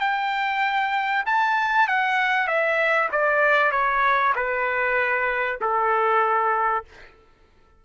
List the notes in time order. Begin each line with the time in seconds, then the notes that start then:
0.00 G5
1.26 A5
1.88 F#5
2.47 E5
3.12 D5
3.71 C#5
4.35 B4
5.61 A4